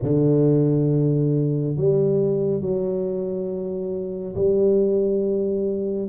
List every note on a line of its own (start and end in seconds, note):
0.02 1.76 D3
1.76 2.61 G3
2.61 4.35 F#3
4.35 6.08 G3